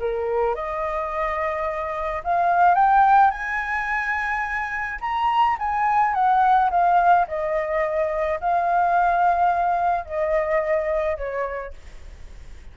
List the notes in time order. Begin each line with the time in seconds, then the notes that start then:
0.00 A#4
0.55 D#5
2.25 F5
2.75 G5
3.31 G#5
5.01 A#5
5.59 G#5
6.14 F#5
6.71 F5
7.28 D#5
8.41 F5
10.06 D#5
11.18 C#5